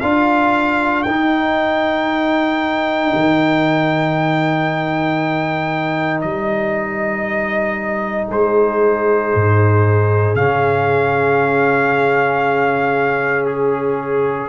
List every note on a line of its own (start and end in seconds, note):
0.00 1.06 D4
0.00 1.06 F4
0.00 8.28 A#4
0.00 1.03 F5
1.03 3.13 D#4
1.03 10.38 D#4
1.03 6.20 G5
3.14 6.24 D#3
6.21 8.31 G3
6.21 8.28 D#5
8.28 9.34 G#3
8.28 14.49 G#4
8.28 10.36 C5
9.35 10.36 G#2
10.36 14.49 C#3
10.36 14.50 C#4
10.36 13.46 F5
13.46 14.50 G#4